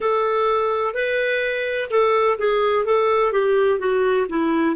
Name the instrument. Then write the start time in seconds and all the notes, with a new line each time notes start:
clarinet
0.00 A4
0.94 B4
1.90 A4
2.38 G#4
2.85 A4
3.32 G4
3.79 F#4
4.29 E4